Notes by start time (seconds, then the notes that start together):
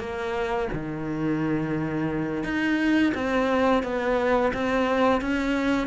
0.00 A#3
0.73 D#3
2.44 D#4
3.15 C4
3.84 B3
4.54 C4
5.22 C#4